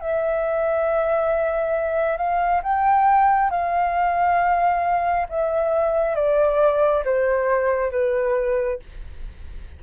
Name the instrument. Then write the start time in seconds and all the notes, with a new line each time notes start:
flute
0.00 E5
2.17 F5
2.62 G5
3.50 F5
5.29 E5
6.15 D5
7.05 C5
7.91 B4